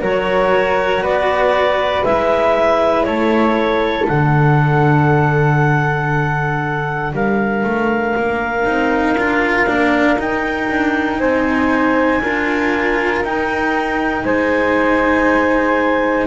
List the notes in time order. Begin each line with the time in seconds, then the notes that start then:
0.00 F#3 F#4 A#4 C#5
1.01 B3 B4 D5
2.04 G#3 E4 E5
3.03 A3 A4 C#5
4.07 D3 D4 F#5
7.13 G3 A#4 F5
7.63 A3
8.16 A#3
8.65 C4 D#4
9.16 D4 F4
9.66 A#3 D4
10.17 D#4 G5
10.68 D4
11.19 C4 C5 G#5
12.22 D4 F4 A#4
13.22 D#4 G5
14.25 G#3 C5 G#5